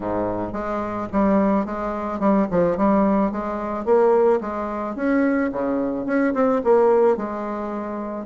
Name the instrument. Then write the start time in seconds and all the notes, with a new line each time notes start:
bassoon
0.00 G#2
0.52 G#3
1.12 G3
1.65 G#3
2.19 G3
2.50 F3
2.77 G3
3.31 G#3
3.85 A#3
4.41 G#3
4.95 C#4
5.52 C#3
6.06 C#4
6.34 C4
6.64 A#3
7.16 G#3